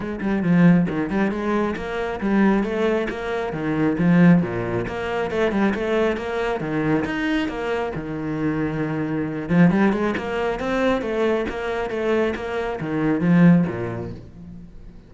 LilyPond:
\new Staff \with { instrumentName = "cello" } { \time 4/4 \tempo 4 = 136 gis8 g8 f4 dis8 g8 gis4 | ais4 g4 a4 ais4 | dis4 f4 ais,4 ais4 | a8 g8 a4 ais4 dis4 |
dis'4 ais4 dis2~ | dis4. f8 g8 gis8 ais4 | c'4 a4 ais4 a4 | ais4 dis4 f4 ais,4 | }